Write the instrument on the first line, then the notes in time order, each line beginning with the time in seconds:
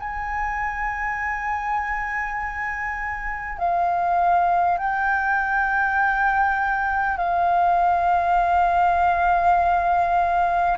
flute
0.00 G#5
3.58 F5
4.78 G5
7.18 F5